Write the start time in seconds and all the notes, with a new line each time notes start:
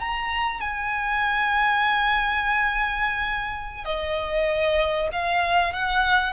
0.00 A#5
0.61 G#5
3.85 D#5
5.13 F5
5.73 F#5